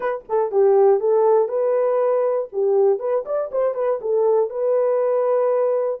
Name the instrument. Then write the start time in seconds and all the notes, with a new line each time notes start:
horn
0.00 B4
0.28 A4
0.51 G4
1.00 A4
1.48 B4
2.52 G4
2.99 B4
3.25 D5
3.51 C5
3.74 B4
4.01 A4
4.50 B4